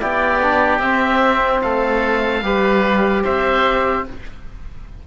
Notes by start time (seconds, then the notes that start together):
0.00 B3 E4 G4 D5
0.42 D4
0.79 C4 E5
1.62 A3 A4 F5
2.42 G3 G4 B4
3.24 C4 C5 E5